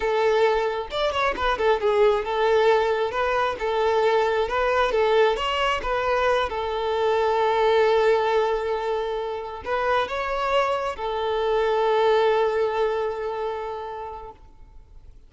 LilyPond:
\new Staff \with { instrumentName = "violin" } { \time 4/4 \tempo 4 = 134 a'2 d''8 cis''8 b'8 a'8 | gis'4 a'2 b'4 | a'2 b'4 a'4 | cis''4 b'4. a'4.~ |
a'1~ | a'4. b'4 cis''4.~ | cis''8 a'2.~ a'8~ | a'1 | }